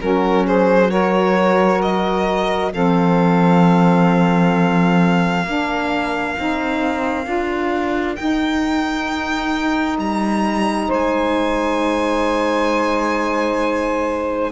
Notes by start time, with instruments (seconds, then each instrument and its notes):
0.00 cello F#3, saxophone C#4 F#4, violin A#4
0.45 saxophone G#4, violin C5
0.88 saxophone F#4 A#4, violin C#5
1.82 violin D#5
2.73 cello F3, saxophone C4 A4, violin F5
5.43 cello A#3, saxophone D4 A#4
6.37 cello C4, saxophone D#4
7.24 cello D4, saxophone F4
8.16 saxophone D#4, cello D#4, violin G5
9.98 cello G3, violin A#5
10.88 cello G#3, saxophone C5, violin G#5